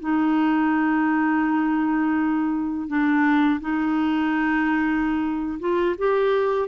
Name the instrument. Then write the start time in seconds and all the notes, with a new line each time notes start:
clarinet
0.00 D#4
2.88 D4
3.60 D#4
5.60 F4
5.98 G4